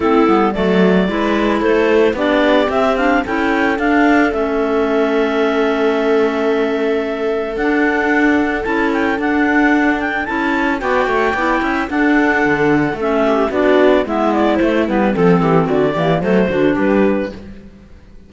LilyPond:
<<
  \new Staff \with { instrumentName = "clarinet" } { \time 4/4 \tempo 4 = 111 a'4 d''2 c''4 | d''4 e''8 f''8 g''4 f''4 | e''1~ | e''2 fis''2 |
a''8 g''8 fis''4. g''8 a''4 | g''2 fis''2 | e''4 d''4 e''8 d''8 c''8 b'8 | a'4 d''4 c''4 b'4 | }
  \new Staff \with { instrumentName = "viola" } { \time 4/4 e'4 a'4 b'4 a'4 | g'2 a'2~ | a'1~ | a'1~ |
a'1 | d''8 cis''8 d''8 e''8 a'2~ | a'8 g'8 fis'4 e'2 | a'8 g'8 fis'8 g'8 a'8 fis'8 g'4 | }
  \new Staff \with { instrumentName = "clarinet" } { \time 4/4 c'8 b8 a4 e'2 | d'4 c'8 d'8 e'4 d'4 | cis'1~ | cis'2 d'2 |
e'4 d'2 e'4 | fis'4 e'4 d'2 | cis'4 d'4 b4 a8 b8 | c'4. ais8 a8 d'4. | }
  \new Staff \with { instrumentName = "cello" } { \time 4/4 a8 g8 fis4 gis4 a4 | b4 c'4 cis'4 d'4 | a1~ | a2 d'2 |
cis'4 d'2 cis'4 | b8 a8 b8 cis'8 d'4 d4 | a4 b4 gis4 a8 g8 | f8 e8 d8 e8 fis8 d8 g4 | }
>>